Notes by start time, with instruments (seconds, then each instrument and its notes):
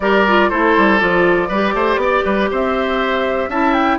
0.00 bassoon G3, clarinet G4, oboe A#4, flute D5
0.27 clarinet F4
0.49 bassoon A3, clarinet E4, oboe A4, flute C5
0.77 bassoon G3
0.98 bassoon F3, clarinet F4, flute D5
1.48 bassoon G3, clarinet G4, oboe B4
1.74 bassoon A3, oboe C5
1.96 bassoon B3, oboe D5
2.24 bassoon G3, oboe B4
2.51 bassoon C4, oboe C5, flute E5
3.48 bassoon C#4, clarinet E4, oboe E5, flute A5
3.73 flute G5